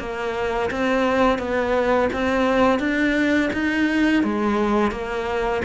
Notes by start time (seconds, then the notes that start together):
0.00 A#3
0.71 C4
1.39 B3
2.14 C4
2.80 D4
3.54 D#4
4.24 G#3
4.92 A#3